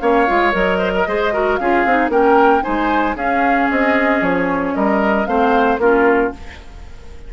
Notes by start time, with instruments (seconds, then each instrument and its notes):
0.00 bassoon A#3, clarinet C#4, oboe C#5, flute F5
0.27 bassoon G#3, clarinet F4
0.52 bassoon F#3, clarinet A#4, flute D#5
0.78 oboe C5
0.94 oboe A#4
1.07 bassoon G#3, clarinet G#4, oboe C5
1.33 clarinet F#4, oboe A#4
1.56 bassoon C#4, clarinet F4, oboe G#4, flute F5
1.85 bassoon C4, clarinet D#4
2.09 bassoon A#3, clarinet C#4, oboe A#4, flute G5
2.62 bassoon G#3, clarinet D#4, oboe C5, flute G#5
3.15 bassoon C#4, clarinet C#4, oboe G#4, flute F5
3.71 bassoon C4, flute D#5
4.21 bassoon F3, flute C#5
4.74 bassoon G3, oboe A#4, flute D#5
5.26 bassoon A3, clarinet C4, oboe C5, flute F5
5.78 bassoon A#3, clarinet C#4, oboe F4, flute A#4